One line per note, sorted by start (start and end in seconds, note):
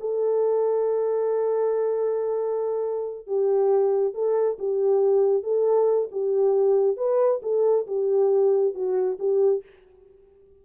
0.00 3.27 A4
3.27 4.14 G4
4.14 4.58 A4
4.59 5.43 G4
5.43 6.09 A4
6.12 6.97 G4
6.97 7.41 B4
7.43 7.87 A4
7.87 8.75 G4
8.75 9.18 F#4
9.20 9.63 G4